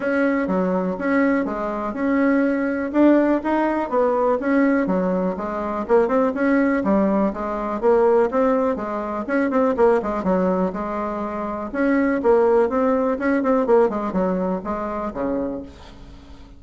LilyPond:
\new Staff \with { instrumentName = "bassoon" } { \time 4/4 \tempo 4 = 123 cis'4 fis4 cis'4 gis4 | cis'2 d'4 dis'4 | b4 cis'4 fis4 gis4 | ais8 c'8 cis'4 g4 gis4 |
ais4 c'4 gis4 cis'8 c'8 | ais8 gis8 fis4 gis2 | cis'4 ais4 c'4 cis'8 c'8 | ais8 gis8 fis4 gis4 cis4 | }